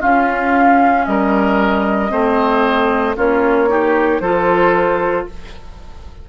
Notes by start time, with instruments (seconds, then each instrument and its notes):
0.00 clarinet C#4, bassoon C#4, oboe F4, flute F5
1.05 bassoon G3, oboe A#4, flute D#5
2.09 bassoon A3, clarinet C4, oboe C5
3.16 bassoon A#3, clarinet C#4, oboe F4, flute C#5
3.68 clarinet D#4, oboe G4
4.20 bassoon F3, clarinet F4, oboe A4, flute C5